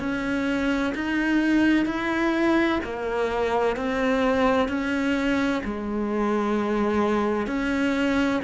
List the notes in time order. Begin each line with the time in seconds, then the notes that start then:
0.00 C#4
0.95 D#4
1.86 E4
2.84 A#3
3.77 C4
4.69 C#4
5.65 G#3
7.47 C#4